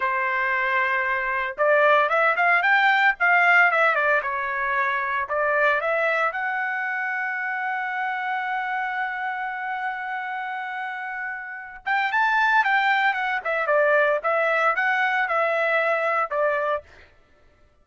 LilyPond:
\new Staff \with { instrumentName = "trumpet" } { \time 4/4 \tempo 4 = 114 c''2. d''4 | e''8 f''8 g''4 f''4 e''8 d''8 | cis''2 d''4 e''4 | fis''1~ |
fis''1~ | fis''2~ fis''8 g''8 a''4 | g''4 fis''8 e''8 d''4 e''4 | fis''4 e''2 d''4 | }